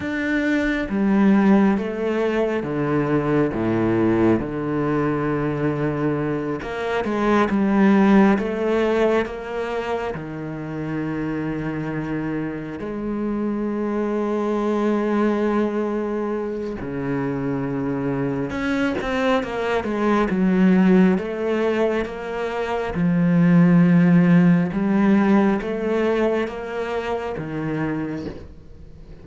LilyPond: \new Staff \with { instrumentName = "cello" } { \time 4/4 \tempo 4 = 68 d'4 g4 a4 d4 | a,4 d2~ d8 ais8 | gis8 g4 a4 ais4 dis8~ | dis2~ dis8 gis4.~ |
gis2. cis4~ | cis4 cis'8 c'8 ais8 gis8 fis4 | a4 ais4 f2 | g4 a4 ais4 dis4 | }